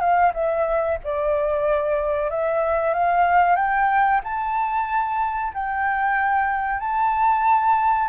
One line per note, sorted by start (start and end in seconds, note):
0.00 0.32 F5
0.33 0.98 E5
1.04 2.30 D5
2.30 2.94 E5
2.94 3.56 F5
3.56 4.20 G5
4.24 5.53 A5
5.54 6.79 G5
6.79 8.09 A5